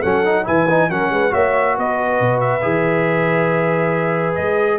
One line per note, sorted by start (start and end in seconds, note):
0.00 0.48 F#3
0.00 0.25 C#4
0.00 0.43 A4
0.00 0.45 F#5
0.25 0.44 D#4
0.44 0.89 E3
0.44 0.66 E4
0.44 0.89 B4
0.44 0.90 G#5
0.69 0.90 D#4
0.89 1.10 F#3
0.89 1.30 C#4
0.89 1.12 A#4
0.89 1.33 F#5
1.10 1.32 G#3
1.10 1.32 B4
1.30 1.77 A#3
1.30 2.61 F#4
1.30 1.76 C#5
1.30 1.76 E5
1.77 2.20 B3
1.77 4.79 B4
1.77 2.40 D#5
2.20 2.63 B2
2.40 4.35 E5
2.62 4.37 E3
2.62 4.79 G#4
4.35 4.79 G#3
4.35 4.78 D#5